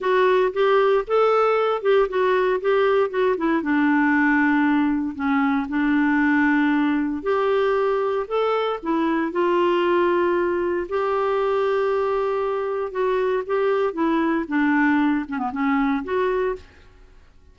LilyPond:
\new Staff \with { instrumentName = "clarinet" } { \time 4/4 \tempo 4 = 116 fis'4 g'4 a'4. g'8 | fis'4 g'4 fis'8 e'8 d'4~ | d'2 cis'4 d'4~ | d'2 g'2 |
a'4 e'4 f'2~ | f'4 g'2.~ | g'4 fis'4 g'4 e'4 | d'4. cis'16 b16 cis'4 fis'4 | }